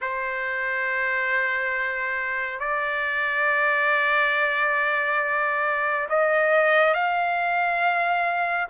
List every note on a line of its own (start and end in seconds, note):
0.01 2.59 C5
2.59 6.07 D5
6.09 6.94 D#5
6.94 8.68 F5